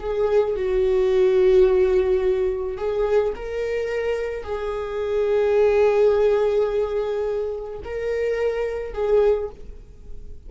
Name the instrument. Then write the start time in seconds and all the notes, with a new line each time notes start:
viola
0.00 G#4
0.56 F#4
2.78 G#4
3.36 A#4
4.44 G#4
7.85 A#4
8.94 G#4